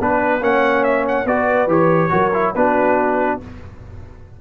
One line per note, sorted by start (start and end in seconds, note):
0.00 0.41 B3
0.00 0.41 D4
0.00 0.43 B4
0.00 0.44 B4
0.41 1.26 A#3
0.41 1.26 C#4
0.41 1.29 C#5
0.41 0.84 F#5
0.84 1.05 E5
1.08 1.27 F#5
1.26 1.68 B3
1.26 1.69 F#4
1.26 2.11 B4
1.26 1.70 D5
1.68 2.10 E3
1.68 2.10 G4
1.68 2.55 C#5
2.10 2.55 F#3
2.10 2.31 F#4
2.10 2.54 A#4
2.34 2.55 E4
2.55 3.41 B3
2.55 3.41 D4
2.55 3.41 F#4
2.55 3.41 B4